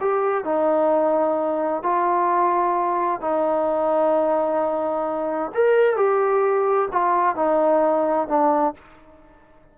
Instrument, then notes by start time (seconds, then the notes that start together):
trombone
0.00 G4
0.44 D#4
1.83 F4
3.21 D#4
5.54 A#4
5.96 G4
6.91 F4
7.35 D#4
8.28 D4